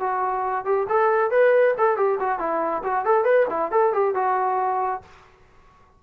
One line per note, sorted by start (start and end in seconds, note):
0.00 0.65 F#4
0.65 0.87 G4
0.89 1.31 A4
1.31 1.75 B4
1.78 1.97 A4
1.97 2.19 G4
2.20 2.39 F#4
2.39 2.83 E4
2.83 3.05 F#4
3.05 3.25 A4
3.25 3.46 B4
3.50 3.72 E4
3.72 3.93 A4
3.93 4.15 G4
4.15 5.02 F#4